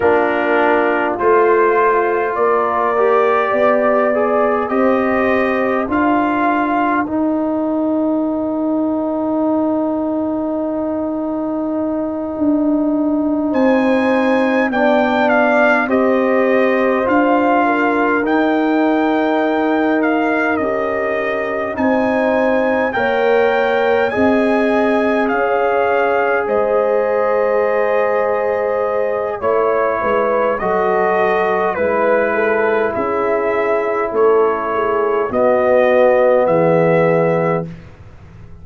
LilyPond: <<
  \new Staff \with { instrumentName = "trumpet" } { \time 4/4 \tempo 4 = 51 ais'4 c''4 d''2 | dis''4 f''4 g''2~ | g''2.~ g''8 gis''8~ | gis''8 g''8 f''8 dis''4 f''4 g''8~ |
g''4 f''8 dis''4 gis''4 g''8~ | g''8 gis''4 f''4 dis''4.~ | dis''4 cis''4 dis''4 b'4 | e''4 cis''4 dis''4 e''4 | }
  \new Staff \with { instrumentName = "horn" } { \time 4/4 f'2 ais'4 d''4 | c''4 ais'2.~ | ais'2.~ ais'8 c''8~ | c''8 d''4 c''4. ais'4~ |
ais'2~ ais'8 c''4 cis''8~ | cis''8 dis''4 cis''4 c''4.~ | c''4 cis''8 b'8 a'4 b'8 a'8 | gis'4 a'8 gis'8 fis'4 gis'4 | }
  \new Staff \with { instrumentName = "trombone" } { \time 4/4 d'4 f'4. g'4 gis'8 | g'4 f'4 dis'2~ | dis'1~ | dis'8 d'4 g'4 f'4 dis'8~ |
dis'4. g'4 dis'4 ais'8~ | ais'8 gis'2.~ gis'8~ | gis'4 e'4 fis'4 e'4~ | e'2 b2 | }
  \new Staff \with { instrumentName = "tuba" } { \time 4/4 ais4 a4 ais4 b4 | c'4 d'4 dis'2~ | dis'2~ dis'8 d'4 c'8~ | c'8 b4 c'4 d'4 dis'8~ |
dis'4. cis'4 c'4 ais8~ | ais8 c'4 cis'4 gis4.~ | gis4 a8 gis8 fis4 gis4 | cis'4 a4 b4 e4 | }
>>